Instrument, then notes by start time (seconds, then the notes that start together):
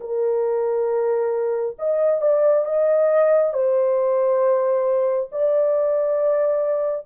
horn
0.00 A#4
1.78 D#5
2.21 D5
2.65 D#5
3.53 C5
5.32 D5